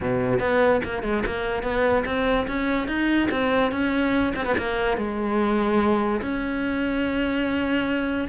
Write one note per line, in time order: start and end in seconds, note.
0.00 0.39 B2
0.39 0.81 B3
0.84 1.02 A#3
1.02 1.23 G#3
1.25 1.62 A#3
1.62 2.04 B3
2.05 2.46 C4
2.47 2.87 C#4
2.87 3.29 D#4
3.30 3.71 C4
3.71 4.33 C#4
4.35 4.45 C4
4.45 4.55 B3
4.57 4.97 A#3
4.97 6.21 G#3
6.21 8.28 C#4